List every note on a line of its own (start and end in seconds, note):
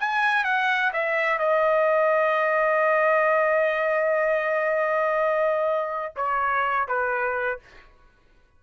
0.00 0.44 G#5
0.44 0.92 F#5
0.93 1.39 E5
1.39 6.15 D#5
6.16 6.88 C#5
6.88 7.59 B4